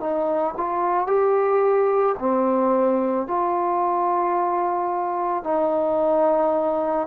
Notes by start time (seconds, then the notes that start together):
0.00 D#4
0.57 F4
1.07 G4
2.19 C4
3.27 F4
5.43 D#4